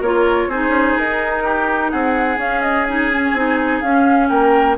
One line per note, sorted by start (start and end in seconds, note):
0.00 0.47 A#3
0.00 0.52 F4
0.00 0.48 A#4
0.00 0.50 C#5
0.47 0.68 C4
0.47 2.39 D#4
0.47 1.43 G#4
0.47 0.97 C5
0.68 0.92 C#4
0.97 1.92 D#4
0.97 1.90 A#4
1.43 1.91 G4
1.90 2.37 C4
1.90 4.29 G#4
1.90 2.38 F#5
2.37 3.32 C#4
2.37 2.86 C#4
2.37 2.62 F5
2.62 2.84 D#5
2.84 3.11 D#4
2.84 3.79 G#5
3.13 3.36 C#4
3.33 3.81 C4
3.33 3.83 D#4
3.80 4.30 C#4
3.80 4.77 C#4
3.80 4.28 F5
4.28 4.77 A#3
4.28 4.76 A#4
4.28 4.76 G5